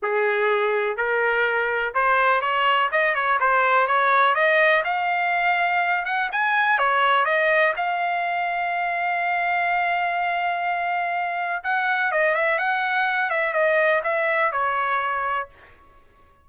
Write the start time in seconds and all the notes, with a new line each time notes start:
0.02 G#4
0.96 A#4
1.94 C5
2.41 C#5
2.91 D#5
3.14 C#5
3.40 C5
3.87 C#5
4.34 D#5
4.84 F5
6.05 F#5
6.32 G#5
6.78 C#5
7.25 D#5
7.76 F5
11.63 F#5
12.11 D#5
12.35 E5
12.58 F#5
13.30 E5
13.53 D#5
14.03 E5
14.52 C#5